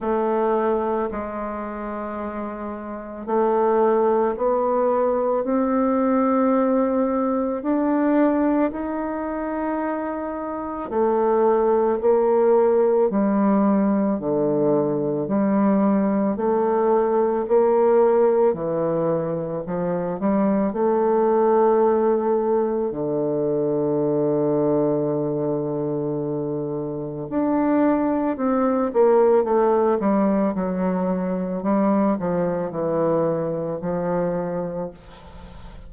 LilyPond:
\new Staff \with { instrumentName = "bassoon" } { \time 4/4 \tempo 4 = 55 a4 gis2 a4 | b4 c'2 d'4 | dis'2 a4 ais4 | g4 d4 g4 a4 |
ais4 e4 f8 g8 a4~ | a4 d2.~ | d4 d'4 c'8 ais8 a8 g8 | fis4 g8 f8 e4 f4 | }